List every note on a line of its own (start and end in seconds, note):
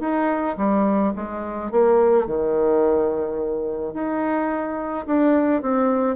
0.00 0.56 D#4
0.57 1.13 G3
1.15 1.71 G#3
1.71 2.26 A#3
2.26 3.93 D#3
3.93 5.05 D#4
5.06 5.62 D4
5.62 6.16 C4